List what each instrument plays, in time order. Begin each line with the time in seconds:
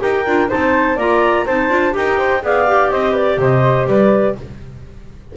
0.00 double bass D#4, clarinet G4 G5, flute A#4
0.27 double bass D4, clarinet F4
0.48 clarinet D#4 A5, flute C5
0.54 double bass C4
0.96 double bass A#3, clarinet F4 A#5, flute D5
1.46 double bass C4, clarinet D#4 A5, flute C5
1.70 double bass D4, clarinet F4
1.92 double bass D#4, clarinet G4 G5, flute A#4
2.18 flute C5
2.42 double bass B3, clarinet G#4 F5, flute D5
2.67 clarinet G4
2.91 double bass C4, flute C5, clarinet D#5
3.11 flute B4, clarinet D5
3.38 double bass C3, flute C5, clarinet D#5
3.87 double bass G3, flute B4, clarinet D5